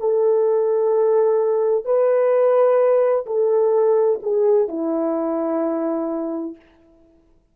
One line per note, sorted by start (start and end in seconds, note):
0.00 1.85 A4
1.85 3.26 B4
3.26 4.20 A4
4.23 4.69 G#4
4.69 6.56 E4